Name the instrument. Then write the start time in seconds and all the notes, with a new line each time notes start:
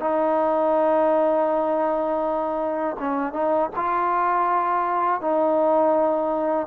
trombone
0.00 D#4
3.00 C#4
3.33 D#4
3.76 F4
5.21 D#4